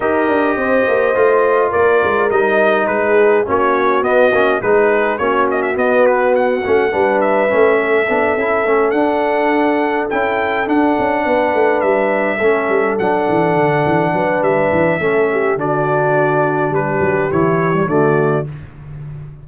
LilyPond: <<
  \new Staff \with { instrumentName = "trumpet" } { \time 4/4 \tempo 4 = 104 dis''2. d''4 | dis''4 b'4 cis''4 dis''4 | b'4 cis''8 dis''16 e''16 dis''8 b'8 fis''4~ | fis''8 e''2. fis''8~ |
fis''4. g''4 fis''4.~ | fis''8 e''2 fis''4.~ | fis''4 e''2 d''4~ | d''4 b'4 cis''4 d''4 | }
  \new Staff \with { instrumentName = "horn" } { \time 4/4 ais'4 c''2 ais'4~ | ais'4 gis'4 fis'2 | gis'4 fis'2. | b'4. a'2~ a'8~ |
a'2.~ a'8 b'8~ | b'4. a'2~ a'8~ | a'8 b'4. a'8 g'8 fis'4~ | fis'4 g'2 fis'4 | }
  \new Staff \with { instrumentName = "trombone" } { \time 4/4 g'2 f'2 | dis'2 cis'4 b8 cis'8 | dis'4 cis'4 b4. cis'8 | d'4 cis'4 d'8 e'8 cis'8 d'8~ |
d'4. e'4 d'4.~ | d'4. cis'4 d'4.~ | d'2 cis'4 d'4~ | d'2 e'8. g16 a4 | }
  \new Staff \with { instrumentName = "tuba" } { \time 4/4 dis'8 d'8 c'8 ais8 a4 ais8 gis8 | g4 gis4 ais4 b8 ais8 | gis4 ais4 b4. a8 | g4 a4 b8 cis'8 a8 d'8~ |
d'4. cis'4 d'8 cis'8 b8 | a8 g4 a8 g8 fis8 e8 d8 | e8 fis8 g8 e8 a4 d4~ | d4 g8 fis8 e4 d4 | }
>>